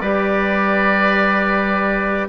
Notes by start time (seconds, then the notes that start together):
0.00 G3 G4 B4 D5